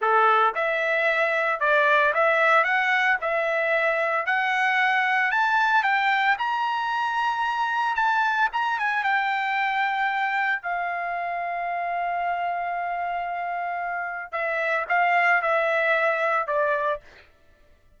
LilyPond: \new Staff \with { instrumentName = "trumpet" } { \time 4/4 \tempo 4 = 113 a'4 e''2 d''4 | e''4 fis''4 e''2 | fis''2 a''4 g''4 | ais''2. a''4 |
ais''8 gis''8 g''2. | f''1~ | f''2. e''4 | f''4 e''2 d''4 | }